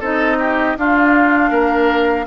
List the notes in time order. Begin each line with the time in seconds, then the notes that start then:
0.00 C4 D#4 A4 D#5
0.39 G4
0.77 D4 F4 F5
1.51 A#3 A#4